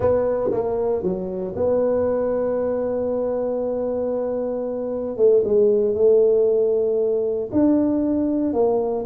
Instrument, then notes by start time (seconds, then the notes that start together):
tuba
0.00 B3
0.51 A#3
1.02 F#3
1.56 B3
5.16 A3
5.44 G#3
5.94 A3
7.51 D4
8.53 A#3